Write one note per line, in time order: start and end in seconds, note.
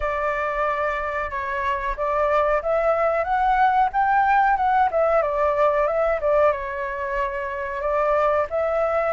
0.00 1.30 D5
1.30 1.95 C#5
1.96 2.61 D5
2.62 3.23 E5
3.23 3.89 F#5
3.92 4.56 G5
4.56 4.89 F#5
4.91 5.21 E5
5.21 5.87 D5
5.87 6.20 E5
6.20 6.52 D5
6.52 7.81 C#5
7.81 8.46 D5
8.50 9.13 E5